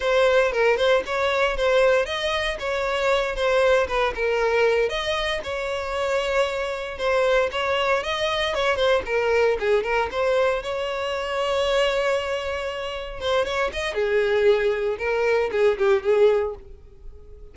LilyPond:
\new Staff \with { instrumentName = "violin" } { \time 4/4 \tempo 4 = 116 c''4 ais'8 c''8 cis''4 c''4 | dis''4 cis''4. c''4 b'8 | ais'4. dis''4 cis''4.~ | cis''4. c''4 cis''4 dis''8~ |
dis''8 cis''8 c''8 ais'4 gis'8 ais'8 c''8~ | c''8 cis''2.~ cis''8~ | cis''4. c''8 cis''8 dis''8 gis'4~ | gis'4 ais'4 gis'8 g'8 gis'4 | }